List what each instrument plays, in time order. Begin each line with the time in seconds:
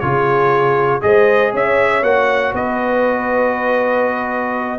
0.00 tuba C#3, trombone F4, horn G#4, trumpet C#5
1.01 tuba G#3, trombone G#4, horn C5, trumpet D#5
1.52 tuba C#4, horn C#5, trumpet E5
2.03 tuba A#3, trombone F#4, trumpet F#5
2.53 tuba B3, horn B4, trumpet D#5